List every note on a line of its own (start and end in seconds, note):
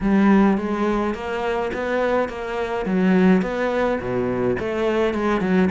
0.01 0.57 G3
0.57 1.14 G#3
1.14 1.71 A#3
1.73 2.29 B3
2.29 2.85 A#3
2.85 3.42 F#3
3.42 3.99 B3
3.99 4.57 B2
4.59 5.14 A3
5.14 5.40 G#3
5.40 5.69 F#3